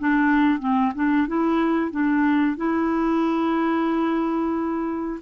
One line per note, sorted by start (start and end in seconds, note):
0.00 0.60 D4
0.60 0.93 C4
0.96 1.28 D4
1.28 1.92 E4
1.92 2.57 D4
2.57 5.21 E4